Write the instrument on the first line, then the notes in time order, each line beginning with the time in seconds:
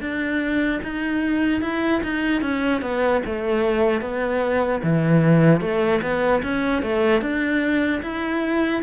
cello
0.00 D4
0.83 D#4
1.61 E4
2.03 D#4
2.41 C#4
2.81 B3
3.25 A3
4.01 B3
4.83 E3
5.60 A3
6.02 B3
6.43 C#4
6.82 A3
7.21 D4
8.02 E4